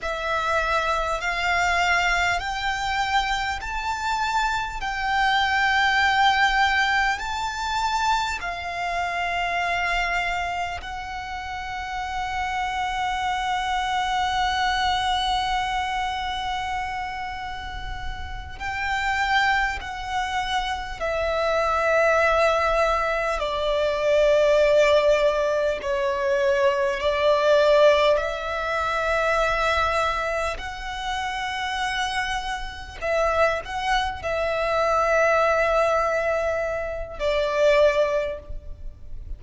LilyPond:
\new Staff \with { instrumentName = "violin" } { \time 4/4 \tempo 4 = 50 e''4 f''4 g''4 a''4 | g''2 a''4 f''4~ | f''4 fis''2.~ | fis''2.~ fis''8 g''8~ |
g''8 fis''4 e''2 d''8~ | d''4. cis''4 d''4 e''8~ | e''4. fis''2 e''8 | fis''8 e''2~ e''8 d''4 | }